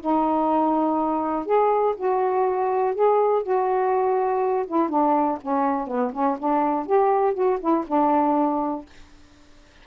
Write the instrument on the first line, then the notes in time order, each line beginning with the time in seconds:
saxophone
0.00 D#4
1.45 G#4
1.97 F#4
2.94 G#4
3.42 F#4
4.67 E4
4.89 D4
5.41 C#4
5.87 B3
6.12 C#4
6.38 D4
6.86 G4
7.34 F#4
7.60 E4
7.87 D4